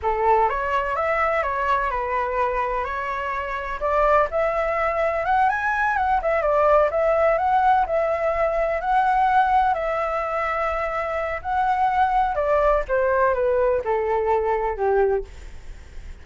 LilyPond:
\new Staff \with { instrumentName = "flute" } { \time 4/4 \tempo 4 = 126 a'4 cis''4 e''4 cis''4 | b'2 cis''2 | d''4 e''2 fis''8 gis''8~ | gis''8 fis''8 e''8 d''4 e''4 fis''8~ |
fis''8 e''2 fis''4.~ | fis''8 e''2.~ e''8 | fis''2 d''4 c''4 | b'4 a'2 g'4 | }